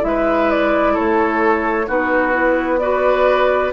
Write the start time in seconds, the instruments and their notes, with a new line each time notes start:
0.00 bassoon G#3, clarinet E4, flute E5
0.08 oboe B4
0.51 flute D5
0.94 bassoon A3, oboe A4, flute C#5
1.87 bassoon B3, clarinet D#4, oboe F#4, flute B4
2.33 clarinet E4
2.79 clarinet F#4, oboe B4, flute D5